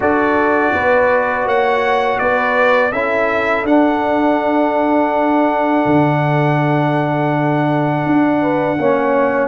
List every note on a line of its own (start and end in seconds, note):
0.00 0.72 D4
0.00 2.92 F#4
0.00 0.73 A4
0.00 1.47 D5
0.72 1.46 B3
0.72 1.46 B4
1.46 2.19 A#3
1.46 2.19 C#5
1.46 2.18 F#5
2.18 2.92 B3
2.18 2.91 B4
2.18 2.91 D5
2.91 3.63 C#4
2.91 3.66 E4
2.91 8.40 A4
2.91 3.65 E5
3.63 5.82 D4
3.63 8.78 D4
3.63 9.47 F#5
5.85 8.05 D3
8.06 8.79 D4
8.41 8.77 B4
8.79 9.47 A#3
8.79 9.47 C#4
8.79 9.47 C#5